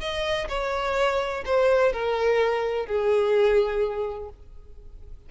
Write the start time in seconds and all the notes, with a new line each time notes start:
0.00 D#5
0.48 C#5
1.45 C5
1.92 A#4
2.86 G#4